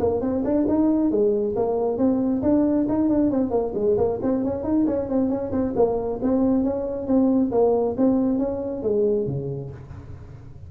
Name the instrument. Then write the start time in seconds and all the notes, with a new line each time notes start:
tuba
0.00 A#3
0.21 C4
0.44 D4
0.68 D#4
1.11 G#3
1.56 A#3
1.98 C4
2.42 D4
2.89 D#4
3.09 D4
3.30 C4
3.51 A#3
3.75 G#3
3.98 A#3
4.22 C4
4.44 C#4
4.64 D#4
4.87 C#4
5.09 C4
5.29 C#4
5.52 C4
5.76 A#3
6.22 C4
6.64 C#4
7.07 C4
7.52 A#3
7.97 C4
8.39 C#4
8.83 G#3
9.26 C#3